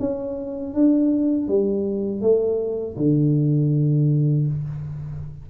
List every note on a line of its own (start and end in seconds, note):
0.00 0.74 C#4
0.74 1.48 D4
1.48 2.22 G3
2.22 2.97 A3
2.97 4.47 D3